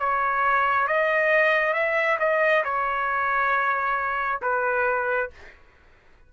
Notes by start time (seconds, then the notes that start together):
0.00 C#5
0.88 D#5
1.74 E5
2.20 D#5
2.65 C#5
4.42 B4